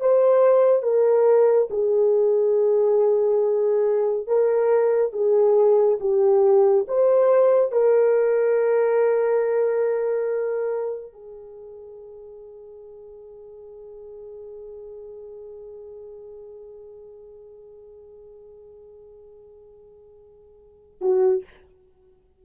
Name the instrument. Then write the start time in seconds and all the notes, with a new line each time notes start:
horn
0.00 C5
0.82 A#4
1.70 G#4
4.27 A#4
5.12 G#4
6.00 G4
6.87 C5
7.72 A#4
11.13 G#4
21.01 F#4